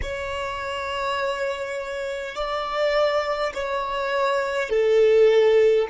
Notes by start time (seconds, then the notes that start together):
0.02 C#5
2.35 D5
3.53 C#5
4.70 A4